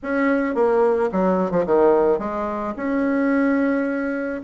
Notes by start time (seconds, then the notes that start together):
0.03 C#4
0.55 A#3
1.12 F#3
1.51 F3
1.66 D#3
2.18 G#3
2.76 C#4